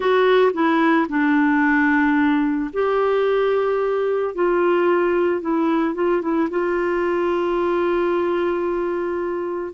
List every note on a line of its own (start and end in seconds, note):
0.00 0.52 F#4
0.53 1.07 E4
1.08 2.71 D4
2.73 4.35 G4
4.35 5.41 F4
5.41 5.94 E4
5.94 6.21 F4
6.21 6.48 E4
6.49 9.73 F4